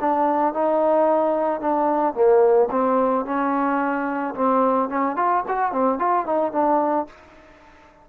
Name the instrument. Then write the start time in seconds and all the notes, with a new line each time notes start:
trombone
0.00 D4
0.54 D#4
1.60 D4
2.14 A#3
2.70 C4
3.25 C#4
4.34 C4
4.89 C#4
5.16 F4
5.48 F#4
5.72 C4
5.99 F4
6.26 D#4
6.52 D4